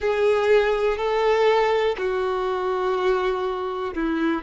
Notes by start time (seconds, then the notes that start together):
0.00 G#4
0.97 A4
1.98 F#4
3.94 E4